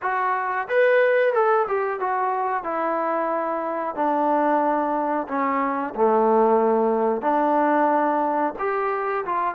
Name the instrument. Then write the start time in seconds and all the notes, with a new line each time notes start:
trombone
0.02 F#4
0.68 B4
1.33 A4
1.67 G4
2.00 F#4
2.63 E4
3.95 D4
5.27 C#4
5.94 A3
7.21 D4
8.59 G4
9.25 F4